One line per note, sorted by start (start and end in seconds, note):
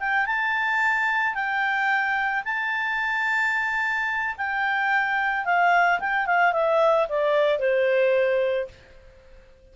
0.00 0.26 G5
0.26 1.35 A5
1.35 2.44 G5
2.45 4.36 A5
4.37 5.45 G5
5.45 6.00 F5
6.00 6.26 G5
6.26 6.53 F5
6.53 7.07 E5
7.09 7.59 D5
7.59 8.68 C5